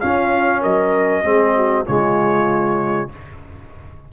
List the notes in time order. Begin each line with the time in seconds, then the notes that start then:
0.00 C#4 F4 F5
0.61 F#3 A#4 D#5
1.23 G#3 C4 G#4
1.56 F#4
1.86 C#3 G#3 F4 C#5